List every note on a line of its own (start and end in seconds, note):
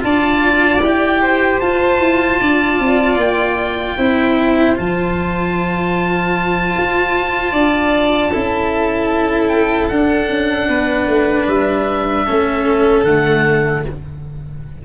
0.00 0.80 D4
0.00 0.79 F4
0.00 1.22 D5
0.00 0.82 A5
0.80 1.59 E4
0.80 1.62 G4
0.80 1.60 G5
1.22 2.40 C5
1.60 1.99 F4
1.60 3.98 F4
1.60 3.18 A5
1.99 2.38 E4
2.40 2.79 D4
2.40 3.97 D5
2.79 3.16 C4
3.16 3.95 A#3
3.16 4.78 G5
3.97 4.77 C4
3.97 4.75 E4
3.97 7.52 C5
4.75 6.75 F3
4.75 8.30 F4
4.75 9.48 A5
6.77 7.52 F4
7.52 8.31 D4
7.52 8.30 D5
8.30 9.90 C#4
8.30 9.91 E4
8.30 10.67 A4
9.48 9.88 G5
9.88 10.29 D4
9.88 12.27 D4
9.88 11.46 F#5
10.29 10.68 C#4
10.68 11.07 B3
10.68 12.25 B4
11.07 11.46 A3
11.47 12.26 G3
11.47 13.04 E5
12.25 13.03 A3
12.25 13.06 C#4
12.25 13.83 A4
13.03 13.82 D3
13.03 13.85 A3
13.03 13.83 F#5